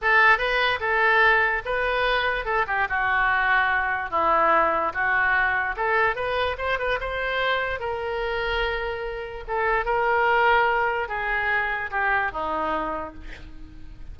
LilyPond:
\new Staff \with { instrumentName = "oboe" } { \time 4/4 \tempo 4 = 146 a'4 b'4 a'2 | b'2 a'8 g'8 fis'4~ | fis'2 e'2 | fis'2 a'4 b'4 |
c''8 b'8 c''2 ais'4~ | ais'2. a'4 | ais'2. gis'4~ | gis'4 g'4 dis'2 | }